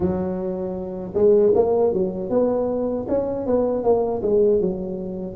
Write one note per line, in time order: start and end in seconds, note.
0.00 1.13 F#3
1.14 1.52 G#3
1.55 1.93 A#3
1.93 2.29 F#3
2.29 3.06 B3
3.08 3.46 C#4
3.46 3.83 B3
3.83 4.22 A#3
4.22 4.60 G#3
4.60 5.35 F#3